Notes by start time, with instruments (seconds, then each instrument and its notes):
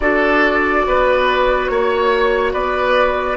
0.00 bassoon D4, clarinet F#4, oboe A4, flute D5
0.86 bassoon B3, oboe B4
1.67 bassoon A#3, flute C#5, oboe C#5
2.53 bassoon B3, oboe B4, flute D5